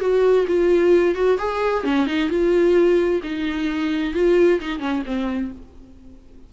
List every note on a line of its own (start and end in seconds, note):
0.00 0.46 F#4
0.47 1.15 F4
1.15 1.38 F#4
1.38 1.84 G#4
1.84 2.06 C#4
2.06 2.29 D#4
2.29 3.21 F4
3.23 4.14 D#4
4.14 4.59 F4
4.60 4.79 D#4
4.79 5.02 C#4
5.05 5.51 C4